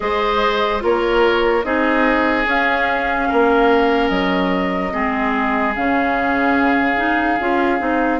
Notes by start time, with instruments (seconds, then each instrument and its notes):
0.00 bassoon G#3, clarinet G#4, oboe C5, flute D#5
0.80 bassoon A#3, clarinet F4, oboe A#4, flute C#5
1.63 bassoon C4, clarinet D#4, oboe G#4, flute D#5
2.45 clarinet C#4, bassoon C#4, flute F5
3.28 bassoon A#3, oboe A#4
4.09 bassoon F#3, flute D#5
4.91 bassoon G#3, clarinet C4, oboe G#4
5.75 bassoon C#3, clarinet C#4, flute F5
6.96 clarinet D#4
7.39 bassoon C#4, clarinet F4
7.79 bassoon C4, clarinet D#4